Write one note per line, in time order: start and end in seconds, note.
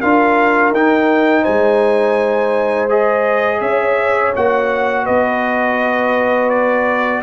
0.00 0.71 D4
0.00 0.74 F4
0.00 1.42 A#4
0.00 0.73 F5
0.71 1.44 D#4
0.71 2.89 D#4
0.71 1.44 G5
1.42 3.61 G#3
1.42 3.59 C5
1.42 2.89 G#5
2.89 4.33 G#4
2.89 3.61 D#5
3.60 4.33 C#4
3.60 5.04 C#5
3.60 4.33 E5
4.36 5.08 A#3
4.36 7.23 F#4
4.36 5.06 F#5
5.04 7.23 B3
5.04 7.21 B4
5.04 6.49 D#5
6.49 7.22 D5